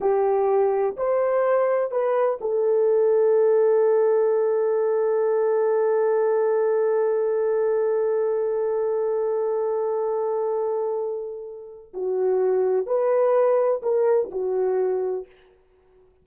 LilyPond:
\new Staff \with { instrumentName = "horn" } { \time 4/4 \tempo 4 = 126 g'2 c''2 | b'4 a'2.~ | a'1~ | a'1~ |
a'1~ | a'1~ | a'4 fis'2 b'4~ | b'4 ais'4 fis'2 | }